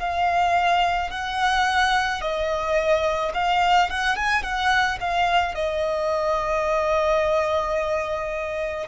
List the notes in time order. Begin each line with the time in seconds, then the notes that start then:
0.00 F5
1.11 F#5
2.22 D#5
3.34 F5
3.90 F#5
4.17 G#5
4.43 F#5
5.01 F5
5.55 D#5